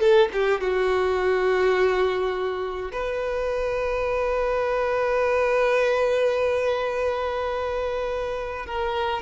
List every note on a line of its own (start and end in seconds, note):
0.00 0.29 A4
0.33 0.61 G4
0.61 2.92 F#4
2.92 8.67 B4
8.67 9.22 A#4